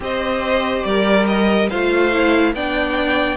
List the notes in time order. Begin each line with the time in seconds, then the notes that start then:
0.00 C4 G4 C5 D#5
0.83 G3 A#4 D5
1.27 D#5
1.68 A3 F4 C5 F5
2.12 E4
2.53 B3 D4 D5 G5